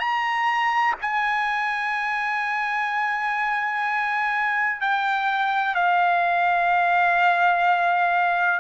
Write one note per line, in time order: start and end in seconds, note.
0.00 0.95 A#5
1.02 4.81 G#5
4.81 5.75 G5
5.75 8.60 F5